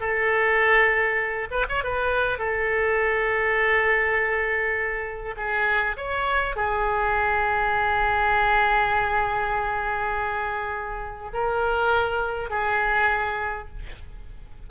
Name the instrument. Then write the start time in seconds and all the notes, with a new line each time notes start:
oboe
0.00 A4
1.51 B4
1.68 C#5
1.84 B4
2.38 A4
5.37 G#4
5.97 C#5
6.56 G#4
11.33 A#4
12.50 G#4